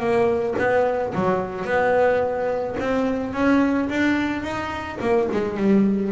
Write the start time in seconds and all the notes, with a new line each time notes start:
0.00 A#3
0.59 B3
1.15 F#3
1.65 B3
2.80 C4
3.34 C#4
3.90 D4
4.43 D#4
5.01 A#3
5.33 G#3
5.57 G3